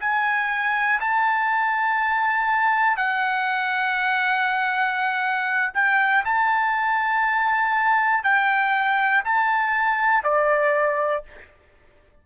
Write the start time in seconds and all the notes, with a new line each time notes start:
0.00 G#5
1.00 A5
2.97 F#5
5.75 G5
6.25 A5
8.24 G5
9.25 A5
10.24 D5